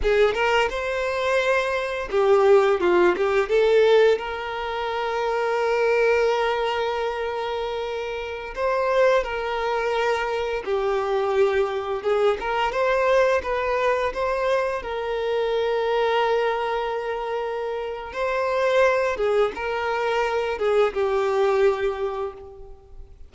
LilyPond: \new Staff \with { instrumentName = "violin" } { \time 4/4 \tempo 4 = 86 gis'8 ais'8 c''2 g'4 | f'8 g'8 a'4 ais'2~ | ais'1~ | ais'16 c''4 ais'2 g'8.~ |
g'4~ g'16 gis'8 ais'8 c''4 b'8.~ | b'16 c''4 ais'2~ ais'8.~ | ais'2 c''4. gis'8 | ais'4. gis'8 g'2 | }